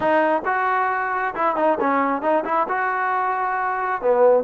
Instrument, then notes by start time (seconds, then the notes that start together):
trombone
0.00 D#4
0.45 F#4
1.34 E4
1.56 D#4
1.80 C#4
2.22 D#4
2.44 E4
2.68 F#4
4.01 B3